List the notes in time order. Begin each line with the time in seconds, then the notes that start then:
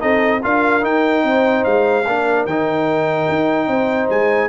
0.00 C4 D#4 A4 D#5
0.43 D4 F4 A#4 F5
0.81 D#4 G5
1.23 C4 C5
1.64 G#3 F5
2.06 A#3 D4 A#4
2.46 D#3 D#4 G5
3.29 D#4
3.67 C4 C5
4.10 G#3 G#5